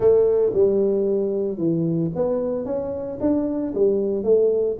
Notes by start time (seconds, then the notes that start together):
0.00 A3
0.53 G3
1.57 E3
2.15 B3
2.65 C#4
3.20 D4
3.74 G3
4.23 A3